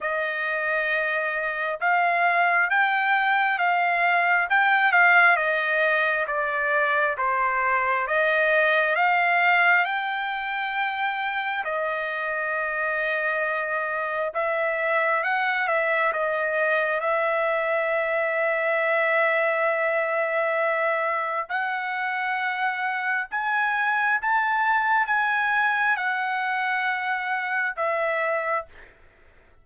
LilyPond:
\new Staff \with { instrumentName = "trumpet" } { \time 4/4 \tempo 4 = 67 dis''2 f''4 g''4 | f''4 g''8 f''8 dis''4 d''4 | c''4 dis''4 f''4 g''4~ | g''4 dis''2. |
e''4 fis''8 e''8 dis''4 e''4~ | e''1 | fis''2 gis''4 a''4 | gis''4 fis''2 e''4 | }